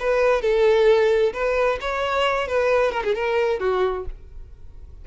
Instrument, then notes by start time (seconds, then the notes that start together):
violin
0.00 B4
0.42 A4
1.34 B4
1.81 C#5
2.48 B4
2.92 A#4
3.04 G#4
3.15 A#4
3.60 F#4